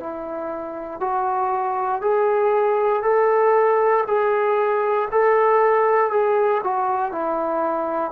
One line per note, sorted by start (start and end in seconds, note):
0.00 1.00 E4
1.00 2.02 F#4
2.02 3.02 G#4
3.02 4.04 A4
4.07 5.08 G#4
5.11 6.11 A4
6.11 6.61 G#4
6.63 7.12 F#4
7.12 8.12 E4